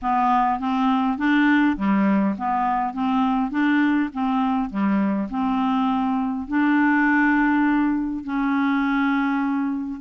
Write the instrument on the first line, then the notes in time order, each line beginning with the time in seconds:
clarinet
0.02 B3
0.59 C4
1.18 D4
1.76 G3
2.38 B3
2.93 C4
3.51 D4
4.13 C4
4.70 G3
5.30 C4
6.47 D4
8.24 C#4